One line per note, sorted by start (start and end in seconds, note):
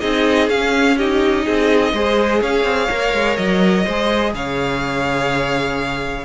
0.00 0.49 C4
0.00 0.48 D#4
0.00 0.96 G#4
0.00 0.48 D#5
0.49 1.45 C#4
0.49 0.98 C#4
0.49 0.97 F5
0.97 1.95 D#4
0.97 1.44 G4
0.97 2.42 D#5
1.44 1.92 C4
1.44 1.92 G#4
1.92 2.40 G#3
1.92 2.90 G#4
1.92 2.41 C5
2.41 2.63 C#4
2.41 3.84 C#5
2.41 3.36 F5
2.63 2.87 C4
2.90 3.13 A#3
2.90 3.86 A#4
3.13 3.37 G#3
3.36 3.85 F#3
3.36 4.32 D#5
3.84 4.33 G#3
3.84 6.25 G#4
3.84 4.32 C5
4.33 6.25 C#3
4.33 6.25 C#5
4.33 6.25 F5